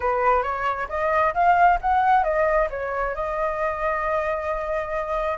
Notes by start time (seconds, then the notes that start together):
0.00 B4
0.43 C#5
0.88 D#5
1.34 F5
1.81 F#5
2.23 D#5
2.69 C#5
3.14 D#5